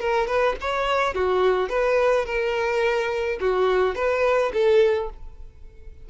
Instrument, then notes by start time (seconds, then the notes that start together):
violin
0.00 A#4
0.27 B4
0.60 C#5
1.14 F#4
1.69 B4
2.25 A#4
3.40 F#4
3.95 B4
4.53 A4